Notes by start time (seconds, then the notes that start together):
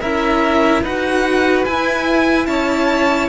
0.00 C#4 E4 A#4 E5
0.82 D#4 F#4 B4 F#5
1.64 E4 G#5
2.46 C#4 C#5 A5